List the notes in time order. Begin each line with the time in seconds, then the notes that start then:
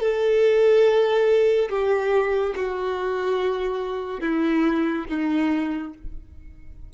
0.00 A4
1.70 G4
2.56 F#4
4.21 E4
5.09 D#4